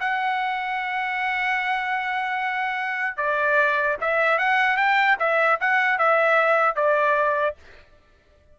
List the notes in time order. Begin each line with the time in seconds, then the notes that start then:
0.00 F#5
3.17 D5
4.01 E5
4.38 F#5
4.77 G5
5.19 E5
5.60 F#5
5.98 E5
6.76 D5